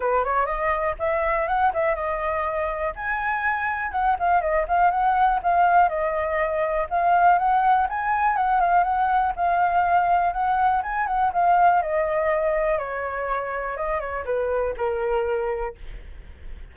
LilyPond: \new Staff \with { instrumentName = "flute" } { \time 4/4 \tempo 4 = 122 b'8 cis''8 dis''4 e''4 fis''8 e''8 | dis''2 gis''2 | fis''8 f''8 dis''8 f''8 fis''4 f''4 | dis''2 f''4 fis''4 |
gis''4 fis''8 f''8 fis''4 f''4~ | f''4 fis''4 gis''8 fis''8 f''4 | dis''2 cis''2 | dis''8 cis''8 b'4 ais'2 | }